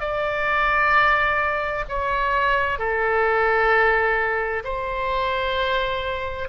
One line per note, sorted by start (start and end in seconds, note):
0.00 1.85 D5
1.88 2.78 C#5
2.78 4.63 A4
4.64 6.48 C5